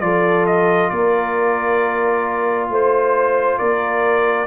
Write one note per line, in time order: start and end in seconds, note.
0.00 0.90 F3
0.00 4.47 F4
0.00 0.92 A4
0.00 0.46 D5
0.46 0.90 D#5
0.90 2.69 A#3
0.90 2.71 A#4
0.90 2.69 D5
2.69 3.59 A3
2.69 3.59 C5
2.69 3.58 C5
3.58 4.47 A#3
3.58 4.47 A#4
3.58 4.47 D5